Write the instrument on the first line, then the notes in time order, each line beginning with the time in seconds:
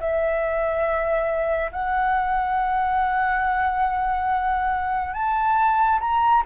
flute
0.00 E5
1.72 F#5
5.14 A5
6.00 A#5